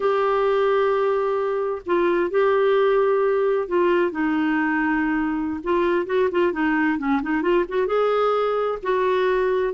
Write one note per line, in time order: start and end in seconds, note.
0.00 1.82 G4
1.86 2.30 F4
2.30 3.67 G4
3.67 4.11 F4
4.11 5.60 D#4
5.63 6.06 F4
6.06 6.29 F#4
6.31 6.52 F4
6.52 6.98 D#4
6.98 7.21 C#4
7.22 7.42 D#4
7.42 7.64 F4
7.68 7.87 F#4
7.87 8.78 G#4
8.83 9.73 F#4